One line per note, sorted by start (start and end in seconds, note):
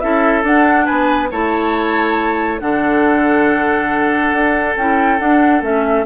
0.00 0.44 C#4
0.00 0.43 E4
0.00 0.86 A4
0.00 0.43 E5
0.43 1.29 D4
0.43 0.87 D4
0.43 0.86 F#5
0.86 1.31 B3
0.86 1.29 B4
0.86 1.29 G#5
1.31 2.61 A3
1.31 2.60 E4
1.31 2.61 C#5
1.31 2.60 A5
2.60 4.33 D3
2.60 4.76 D4
2.60 6.06 A4
2.60 4.76 F#5
4.33 4.76 D4
4.77 5.20 C#4
4.77 5.19 E4
4.77 5.19 G5
5.19 5.63 D4
5.19 5.62 D4
5.19 5.62 F#5
5.62 6.05 A3
5.62 6.06 C#4
5.62 6.06 E5